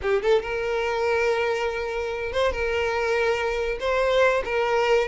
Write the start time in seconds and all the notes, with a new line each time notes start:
0.02 G4
0.22 A4
0.42 A#4
2.32 C5
2.51 A#4
3.80 C5
4.44 A#4